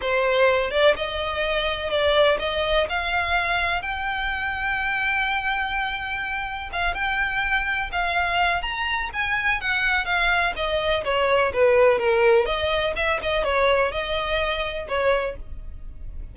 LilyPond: \new Staff \with { instrumentName = "violin" } { \time 4/4 \tempo 4 = 125 c''4. d''8 dis''2 | d''4 dis''4 f''2 | g''1~ | g''2 f''8 g''4.~ |
g''8 f''4. ais''4 gis''4 | fis''4 f''4 dis''4 cis''4 | b'4 ais'4 dis''4 e''8 dis''8 | cis''4 dis''2 cis''4 | }